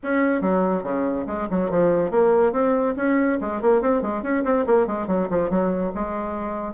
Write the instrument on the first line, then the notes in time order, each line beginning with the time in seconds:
bassoon
0.03 C#4
0.41 F#3
0.83 C#3
1.26 G#3
1.50 F#3
1.70 F3
2.10 A#3
2.52 C4
2.96 C#4
3.41 G#3
3.61 A#3
3.81 C4
4.01 G#3
4.23 C#4
4.44 C4
4.66 A#3
4.86 G#3
5.07 F#3
5.30 F3
5.49 F#3
5.95 G#3